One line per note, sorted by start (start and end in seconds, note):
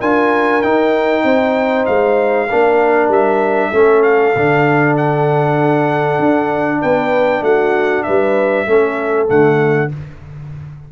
0.00 0.63 D4
0.00 0.63 F4
0.00 1.24 A#4
0.00 0.62 G#5
0.62 2.49 D#4
0.62 1.24 D#4
0.62 1.86 G5
1.24 1.86 C4
1.24 2.49 C5
1.86 2.50 G#3
1.86 3.10 F5
2.49 3.09 A#3
2.49 3.73 D4
2.49 3.70 A#4
3.09 3.70 G3
3.09 4.03 E5
3.70 4.35 A3
3.70 4.35 C#4
3.70 6.80 A4
4.03 4.96 F5
4.36 6.19 D3
4.36 8.68 D4
4.97 6.82 F#5
6.19 6.81 D4
6.82 7.42 B3
6.82 7.44 B4
6.82 7.44 G5
7.42 8.04 A3
7.42 8.06 F#4
7.42 8.03 F#5
8.03 8.66 G3
8.03 8.68 B4
8.03 9.27 E5
8.66 9.28 A3
8.66 9.27 C#4
8.66 9.93 A4
9.27 9.92 D3
9.27 9.89 A3
9.27 9.92 F#5